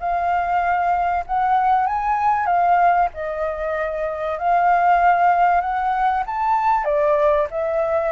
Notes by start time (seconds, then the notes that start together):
0.00 F5
1.27 F#5
1.87 G#5
2.47 F5
3.14 D#5
4.39 F5
5.61 F#5
6.27 A5
6.85 D5
7.51 E5